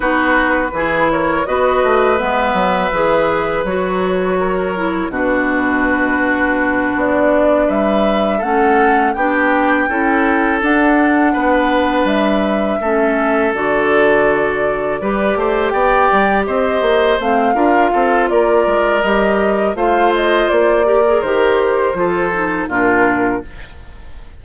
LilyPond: <<
  \new Staff \with { instrumentName = "flute" } { \time 4/4 \tempo 4 = 82 b'4. cis''8 dis''4 e''4~ | e''4 cis''2 b'4~ | b'4. d''4 e''4 fis''8~ | fis''8 g''2 fis''4.~ |
fis''8 e''2 d''4.~ | d''4. g''4 dis''4 f''8~ | f''4 d''4 dis''4 f''8 dis''8 | d''4 c''2 ais'4 | }
  \new Staff \with { instrumentName = "oboe" } { \time 4/4 fis'4 gis'8 ais'8 b'2~ | b'2 ais'4 fis'4~ | fis'2~ fis'8 b'4 a'8~ | a'8 g'4 a'2 b'8~ |
b'4. a'2~ a'8~ | a'8 b'8 c''8 d''4 c''4. | ais'8 a'8 ais'2 c''4~ | c''8 ais'4. a'4 f'4 | }
  \new Staff \with { instrumentName = "clarinet" } { \time 4/4 dis'4 e'4 fis'4 b4 | gis'4 fis'4. e'8 d'4~ | d'2.~ d'8 cis'8~ | cis'8 d'4 e'4 d'4.~ |
d'4. cis'4 fis'4.~ | fis'8 g'2. c'8 | f'2 g'4 f'4~ | f'8 g'16 gis'16 g'4 f'8 dis'8 d'4 | }
  \new Staff \with { instrumentName = "bassoon" } { \time 4/4 b4 e4 b8 a8 gis8 fis8 | e4 fis2 b,4~ | b,4. b4 g4 a8~ | a8 b4 cis'4 d'4 b8~ |
b8 g4 a4 d4.~ | d8 g8 a8 b8 g8 c'8 ais8 a8 | d'8 c'8 ais8 gis8 g4 a4 | ais4 dis4 f4 ais,4 | }
>>